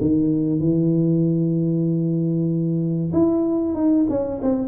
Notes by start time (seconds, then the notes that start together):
0.00 D#3
0.59 E3
3.13 E4
3.74 D#4
4.09 C#4
4.42 C4